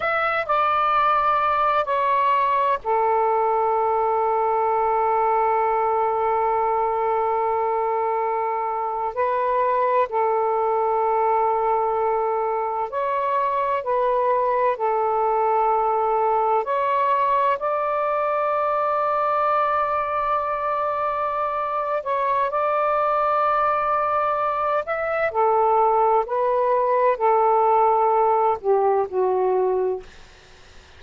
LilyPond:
\new Staff \with { instrumentName = "saxophone" } { \time 4/4 \tempo 4 = 64 e''8 d''4. cis''4 a'4~ | a'1~ | a'4.~ a'16 b'4 a'4~ a'16~ | a'4.~ a'16 cis''4 b'4 a'16~ |
a'4.~ a'16 cis''4 d''4~ d''16~ | d''2.~ d''8 cis''8 | d''2~ d''8 e''8 a'4 | b'4 a'4. g'8 fis'4 | }